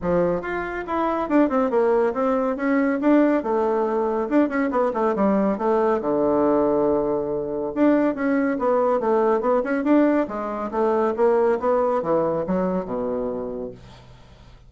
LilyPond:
\new Staff \with { instrumentName = "bassoon" } { \time 4/4 \tempo 4 = 140 f4 f'4 e'4 d'8 c'8 | ais4 c'4 cis'4 d'4 | a2 d'8 cis'8 b8 a8 | g4 a4 d2~ |
d2 d'4 cis'4 | b4 a4 b8 cis'8 d'4 | gis4 a4 ais4 b4 | e4 fis4 b,2 | }